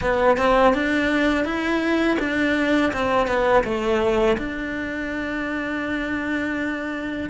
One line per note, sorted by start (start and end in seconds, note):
0.01 0.37 B3
0.37 0.74 C4
0.74 1.44 D4
1.44 2.18 E4
2.19 2.92 D4
2.92 3.27 C4
3.27 3.63 B3
3.64 4.37 A3
4.37 7.29 D4